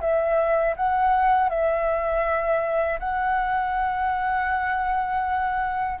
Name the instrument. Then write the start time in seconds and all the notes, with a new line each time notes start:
flute
0.00 E5
0.76 F#5
1.49 E5
2.99 F#5